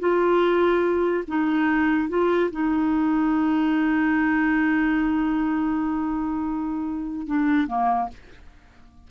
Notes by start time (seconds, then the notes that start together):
0.00 F4
1.28 D#4
2.09 F4
2.52 D#4
7.27 D4
7.67 A#3